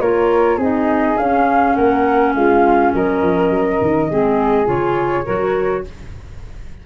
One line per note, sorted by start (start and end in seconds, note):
0.00 0.58 A#3
0.00 0.60 F4
0.00 0.58 A#4
0.00 0.59 C#5
0.58 1.16 C4
0.58 1.18 D#4
0.58 1.74 G#4
0.58 1.18 D#5
1.18 4.09 C#4
1.18 1.77 C#4
1.18 1.75 F5
1.75 2.35 A#3
1.75 2.34 A#4
1.75 2.33 F#5
2.34 2.93 G#3
2.34 2.94 F4
2.34 2.93 F5
2.94 3.22 F#3
2.94 4.10 A#4
2.94 4.68 D#5
3.22 3.50 F3
3.50 3.79 F#3
3.81 4.10 D#3
4.10 4.68 G#3
4.10 4.65 C4
4.10 5.25 G#4
4.65 5.26 C#3
4.65 5.24 F4
4.65 5.84 C#5
5.25 5.86 F#3
5.25 5.84 F#4
5.25 5.83 A#4